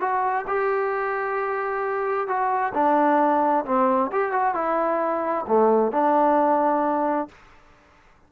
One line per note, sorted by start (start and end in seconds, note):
0.00 0.45 F#4
0.47 2.28 G4
2.28 2.73 F#4
2.74 3.65 D4
3.65 4.11 C4
4.12 4.32 G4
4.32 4.55 F#4
4.55 5.45 E4
5.48 5.92 A3
5.92 7.29 D4